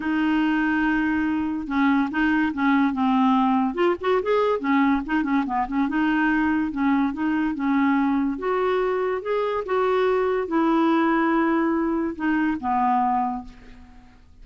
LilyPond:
\new Staff \with { instrumentName = "clarinet" } { \time 4/4 \tempo 4 = 143 dis'1 | cis'4 dis'4 cis'4 c'4~ | c'4 f'8 fis'8 gis'4 cis'4 | dis'8 cis'8 b8 cis'8 dis'2 |
cis'4 dis'4 cis'2 | fis'2 gis'4 fis'4~ | fis'4 e'2.~ | e'4 dis'4 b2 | }